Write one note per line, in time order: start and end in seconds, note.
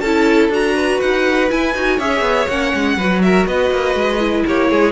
0.00 0.49 C#4
0.00 0.51 E4
0.00 0.75 A4
0.00 0.49 A5
0.49 0.98 D4
0.49 1.50 F#4
0.49 1.01 A#5
0.75 1.97 B4
1.01 1.51 D#4
1.01 1.50 F#5
1.50 1.74 E4
1.50 1.75 E4
1.50 2.00 G#5
1.75 1.99 D#4
1.75 2.00 F#4
1.97 2.21 C#4
1.97 2.49 G#4
1.97 2.95 C#5
1.97 2.48 E5
2.21 2.46 B3
2.48 2.73 A#3
2.48 2.98 C#4
2.48 3.22 F#5
2.74 2.97 G#3
2.97 3.46 F#3
2.97 4.20 F#4
2.97 3.22 B4
3.22 3.48 A#4
3.22 3.47 E5
3.47 3.71 B3
3.47 4.46 B4
3.47 4.46 D#5
3.71 3.94 A#3
3.94 4.44 G#3
4.20 4.92 E4
4.47 4.71 A#3
4.47 4.70 G4
4.47 4.92 C#5
4.70 4.92 G#3
4.70 4.92 G#4